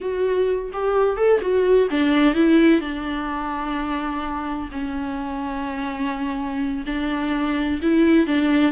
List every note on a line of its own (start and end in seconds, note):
0.00 0.71 F#4
0.72 1.16 G4
1.16 1.40 A4
1.41 1.88 F#4
1.90 2.34 D4
2.34 2.80 E4
2.80 4.69 D4
4.71 6.84 C#4
6.85 7.80 D4
7.82 8.26 E4
8.26 8.72 D4